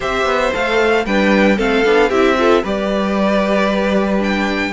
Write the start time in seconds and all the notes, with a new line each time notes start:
0.00 C4 G4 C5 E5
0.25 B3
0.53 A3 A4 F5
1.05 G3 D4 B4 G5
1.56 A3 C4 A4 F5
1.84 B3 D4
2.09 C4 E4 G4 E5
2.37 F4 A4
2.62 G3 G4 B4 D5
4.19 D4 G5